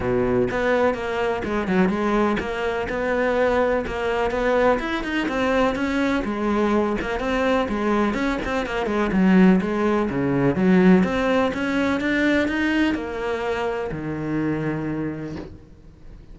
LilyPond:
\new Staff \with { instrumentName = "cello" } { \time 4/4 \tempo 4 = 125 b,4 b4 ais4 gis8 fis8 | gis4 ais4 b2 | ais4 b4 e'8 dis'8 c'4 | cis'4 gis4. ais8 c'4 |
gis4 cis'8 c'8 ais8 gis8 fis4 | gis4 cis4 fis4 c'4 | cis'4 d'4 dis'4 ais4~ | ais4 dis2. | }